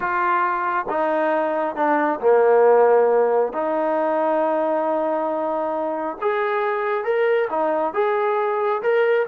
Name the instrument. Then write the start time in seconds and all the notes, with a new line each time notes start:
trombone
0.00 F4
0.89 D#4
1.75 D4
2.20 A#3
3.52 D#4
6.21 G#4
7.04 A#4
7.50 D#4
7.93 G#4
8.82 A#4